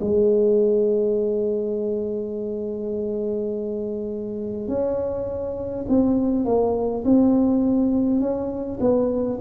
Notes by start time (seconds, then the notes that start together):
0.00 G#3
4.67 C#4
5.88 C4
6.45 A#3
7.04 C4
8.20 C#4
8.80 B3